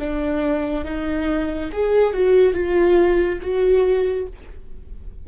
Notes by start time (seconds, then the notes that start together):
0.00 D4
0.85 D#4
1.73 G#4
2.14 F#4
2.54 F4
3.42 F#4